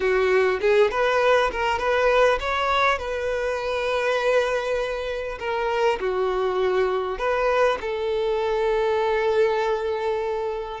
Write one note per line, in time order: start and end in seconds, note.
0.00 0.60 F#4
0.60 0.90 G#4
0.90 1.50 B4
1.51 1.78 A#4
1.78 2.38 B4
2.39 2.98 C#5
2.98 5.38 B4
5.39 5.99 A#4
6.00 7.18 F#4
7.18 7.78 B4
7.80 10.80 A4